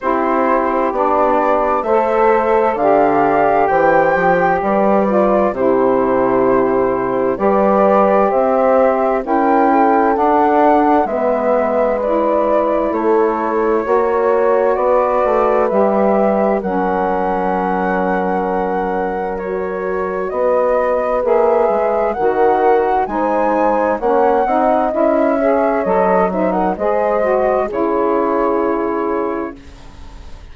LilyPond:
<<
  \new Staff \with { instrumentName = "flute" } { \time 4/4 \tempo 4 = 65 c''4 d''4 e''4 f''4 | g''4 d''4 c''2 | d''4 e''4 g''4 fis''4 | e''4 d''4 cis''2 |
d''4 e''4 fis''2~ | fis''4 cis''4 dis''4 e''4 | fis''4 gis''4 fis''4 e''4 | dis''8 e''16 fis''16 dis''4 cis''2 | }
  \new Staff \with { instrumentName = "horn" } { \time 4/4 g'2 c''4 d''4 | c''4 b'4 g'2 | b'4 c''4 ais'8 a'4. | b'2 a'4 cis''4 |
b'2 ais'2~ | ais'2 b'2 | ais'4 c''4 cis''8 dis''4 cis''8~ | cis''8 c''16 ais'16 c''4 gis'2 | }
  \new Staff \with { instrumentName = "saxophone" } { \time 4/4 e'4 d'4 a'4 g'4~ | g'4. f'8 e'2 | g'2 e'4 d'4 | b4 e'2 fis'4~ |
fis'4 g'4 cis'2~ | cis'4 fis'2 gis'4 | fis'4 dis'4 cis'8 dis'8 e'8 gis'8 | a'8 dis'8 gis'8 fis'8 e'2 | }
  \new Staff \with { instrumentName = "bassoon" } { \time 4/4 c'4 b4 a4 d4 | e8 f8 g4 c2 | g4 c'4 cis'4 d'4 | gis2 a4 ais4 |
b8 a8 g4 fis2~ | fis2 b4 ais8 gis8 | dis4 gis4 ais8 c'8 cis'4 | fis4 gis4 cis2 | }
>>